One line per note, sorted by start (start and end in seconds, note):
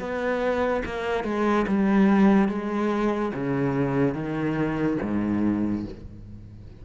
0.00 0.83 B3
0.86 1.24 A#3
1.24 1.66 G#3
1.68 2.49 G3
2.49 3.32 G#3
3.34 4.14 C#3
4.14 4.98 D#3
5.02 5.85 G#2